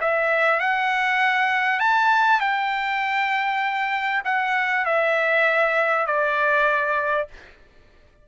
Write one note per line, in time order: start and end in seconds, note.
0.00 0.60 E5
0.60 1.79 F#5
1.79 2.40 A5
2.40 4.22 G5
4.24 4.85 F#5
4.85 6.06 E5
6.06 7.27 D5